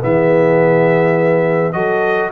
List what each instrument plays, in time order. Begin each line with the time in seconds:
0.00 tuba E3, trombone B3, horn G#4, trumpet E5
1.72 tuba F#3, trombone F#4, horn A4, trumpet D#5